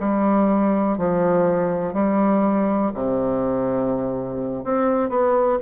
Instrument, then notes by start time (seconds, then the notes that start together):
bassoon
0.00 G3
0.98 F3
1.94 G3
2.94 C3
4.64 C4
5.09 B3